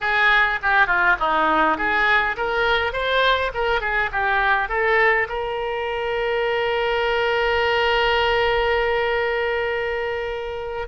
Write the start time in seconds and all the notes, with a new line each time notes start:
0.00 G#4
0.62 G4
0.86 F4
1.19 D#4
1.77 G#4
2.36 A#4
2.93 C5
3.54 A#4
3.80 G#4
4.12 G4
4.68 A4
5.28 A#4